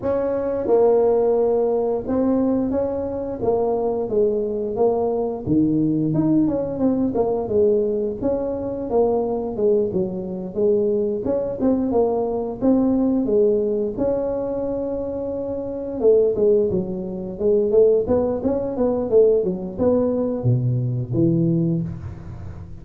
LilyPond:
\new Staff \with { instrumentName = "tuba" } { \time 4/4 \tempo 4 = 88 cis'4 ais2 c'4 | cis'4 ais4 gis4 ais4 | dis4 dis'8 cis'8 c'8 ais8 gis4 | cis'4 ais4 gis8 fis4 gis8~ |
gis8 cis'8 c'8 ais4 c'4 gis8~ | gis8 cis'2. a8 | gis8 fis4 gis8 a8 b8 cis'8 b8 | a8 fis8 b4 b,4 e4 | }